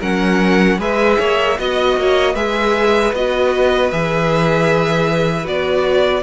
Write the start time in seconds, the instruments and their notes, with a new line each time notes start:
0.00 cello F#3, viola C#4, violin A#4 F#5
0.78 cello G#3, viola G#4, violin B4 E5
1.19 cello A#3, violin C#5
1.58 cello B3, viola F#4, violin D#5
1.97 cello A#3, violin C#5
2.34 cello G#3, viola G#4, violin B4 E5
3.13 cello B3, viola F#4, violin D#5
3.91 cello E3, viola G#4, violin E5
5.44 cello B3, viola F#4, violin D5